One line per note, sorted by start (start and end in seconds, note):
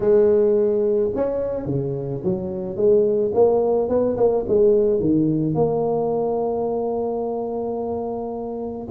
0.00 1.11 G#3
1.15 1.65 C#4
1.65 2.21 C#3
2.23 2.76 F#3
2.76 3.31 G#3
3.34 3.88 A#3
3.88 4.16 B3
4.16 4.44 A#3
4.47 4.99 G#3
4.99 5.54 D#3
5.54 8.87 A#3